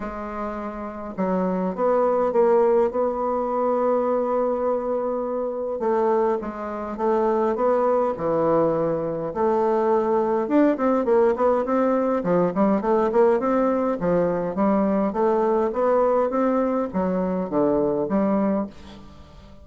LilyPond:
\new Staff \with { instrumentName = "bassoon" } { \time 4/4 \tempo 4 = 103 gis2 fis4 b4 | ais4 b2.~ | b2 a4 gis4 | a4 b4 e2 |
a2 d'8 c'8 ais8 b8 | c'4 f8 g8 a8 ais8 c'4 | f4 g4 a4 b4 | c'4 fis4 d4 g4 | }